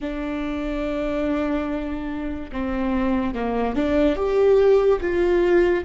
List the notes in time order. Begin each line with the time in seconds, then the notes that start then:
0.00 D4
2.52 C4
3.34 A#3
3.75 D4
4.16 G4
5.00 F4